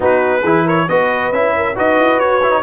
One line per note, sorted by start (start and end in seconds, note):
0.00 0.43 B3
0.00 0.42 D#4
0.00 0.41 F#4
0.00 0.67 B4
0.41 0.87 E3
0.41 0.89 E4
0.41 0.63 G#4
0.64 0.86 A#4
0.64 0.89 C#5
0.88 1.32 B3
0.88 1.33 F#4
0.88 1.55 B4
0.88 1.32 D#5
1.32 1.76 C#4
1.32 1.75 E4
1.32 1.76 E5
1.55 1.75 A#4
1.75 1.98 D#4
1.75 2.40 F#4
1.75 2.63 B4
1.75 2.19 D#5
1.99 2.18 E4
2.18 2.61 F#4
2.18 2.63 C#5
2.42 2.51 E4
2.51 2.62 D#4